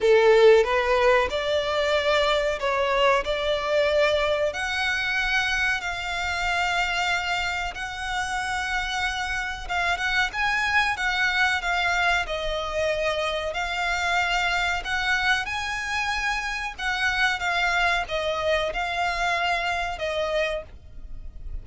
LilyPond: \new Staff \with { instrumentName = "violin" } { \time 4/4 \tempo 4 = 93 a'4 b'4 d''2 | cis''4 d''2 fis''4~ | fis''4 f''2. | fis''2. f''8 fis''8 |
gis''4 fis''4 f''4 dis''4~ | dis''4 f''2 fis''4 | gis''2 fis''4 f''4 | dis''4 f''2 dis''4 | }